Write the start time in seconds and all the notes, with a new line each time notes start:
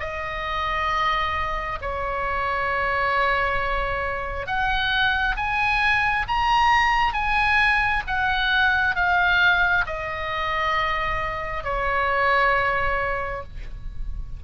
0.00 D#5
1.82 C#5
4.47 F#5
5.37 G#5
6.28 A#5
7.14 G#5
8.07 F#5
8.96 F5
9.86 D#5
11.64 C#5